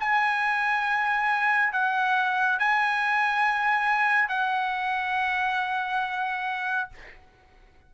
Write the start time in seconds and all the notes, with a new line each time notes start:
0.00 G#5
1.73 F#5
2.59 G#5
4.29 F#5